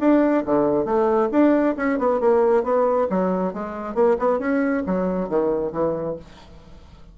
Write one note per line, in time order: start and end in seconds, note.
0.00 0.44 D4
0.46 0.85 D3
0.85 1.29 A3
1.32 1.76 D4
1.77 1.99 C#4
1.99 2.21 B3
2.21 2.64 A#3
2.64 3.08 B3
3.10 3.54 F#3
3.54 3.95 G#3
3.95 4.17 A#3
4.19 4.39 B3
4.39 4.83 C#4
4.87 5.29 F#3
5.29 5.73 D#3
5.73 6.17 E3